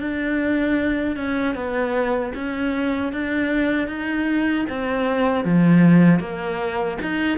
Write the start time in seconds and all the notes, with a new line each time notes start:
0.00 D4
1.17 C#4
1.55 B3
2.35 C#4
3.13 D4
3.88 D#4
4.70 C4
5.45 F3
6.20 A#3
7.02 D#4